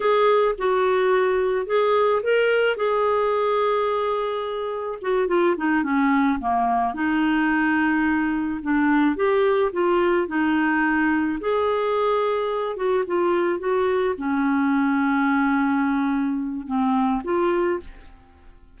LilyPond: \new Staff \with { instrumentName = "clarinet" } { \time 4/4 \tempo 4 = 108 gis'4 fis'2 gis'4 | ais'4 gis'2.~ | gis'4 fis'8 f'8 dis'8 cis'4 ais8~ | ais8 dis'2. d'8~ |
d'8 g'4 f'4 dis'4.~ | dis'8 gis'2~ gis'8 fis'8 f'8~ | f'8 fis'4 cis'2~ cis'8~ | cis'2 c'4 f'4 | }